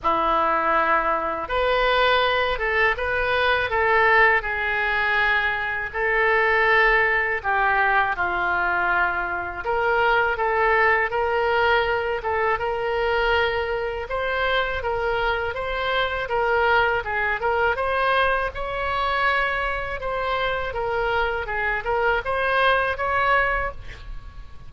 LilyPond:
\new Staff \with { instrumentName = "oboe" } { \time 4/4 \tempo 4 = 81 e'2 b'4. a'8 | b'4 a'4 gis'2 | a'2 g'4 f'4~ | f'4 ais'4 a'4 ais'4~ |
ais'8 a'8 ais'2 c''4 | ais'4 c''4 ais'4 gis'8 ais'8 | c''4 cis''2 c''4 | ais'4 gis'8 ais'8 c''4 cis''4 | }